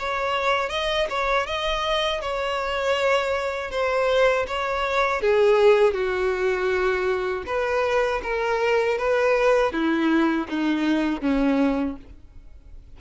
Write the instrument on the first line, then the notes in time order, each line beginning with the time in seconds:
violin
0.00 C#5
0.70 D#5
1.10 C#5
1.47 D#5
2.22 C#5
3.72 C5
4.48 C#5
5.22 G#4
5.94 F#4
7.47 B4
8.24 A#4
8.99 B4
9.73 E4
10.49 D#4
11.22 C#4